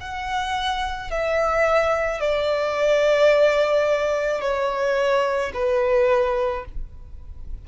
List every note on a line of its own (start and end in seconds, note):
0.00 1.11 F#5
1.11 2.20 E5
2.20 4.40 D5
4.40 5.52 C#5
5.54 6.65 B4